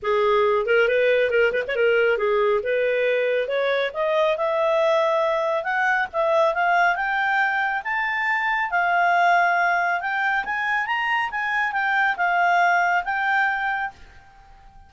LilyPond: \new Staff \with { instrumentName = "clarinet" } { \time 4/4 \tempo 4 = 138 gis'4. ais'8 b'4 ais'8 b'16 cis''16 | ais'4 gis'4 b'2 | cis''4 dis''4 e''2~ | e''4 fis''4 e''4 f''4 |
g''2 a''2 | f''2. g''4 | gis''4 ais''4 gis''4 g''4 | f''2 g''2 | }